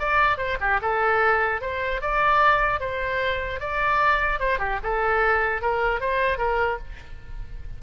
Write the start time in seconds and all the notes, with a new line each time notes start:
0.00 D5
0.38 C5
0.61 G4
0.82 A4
1.61 C5
2.02 D5
2.80 C5
3.60 D5
4.40 C5
4.59 G4
4.84 A4
5.62 A#4
6.01 C5
6.38 A#4